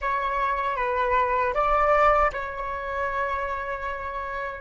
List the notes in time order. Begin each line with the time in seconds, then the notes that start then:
0.01 C#5
0.76 B4
1.54 D5
2.33 C#5